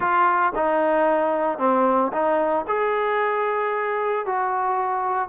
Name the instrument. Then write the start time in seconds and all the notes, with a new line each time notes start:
trombone
0.00 F4
0.55 D#4
1.58 C4
2.12 D#4
2.67 G#4
4.26 F#4